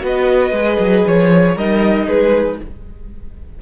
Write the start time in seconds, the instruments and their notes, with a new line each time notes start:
0.00 cello B3, viola F#4, violin B4 D#5
0.51 cello G#3, viola G#4
0.79 cello F#3
1.07 cello F3, violin C#5
1.54 cello G3, viola D#4, violin A#4 D#5
2.07 cello G#3, violin G#4 B4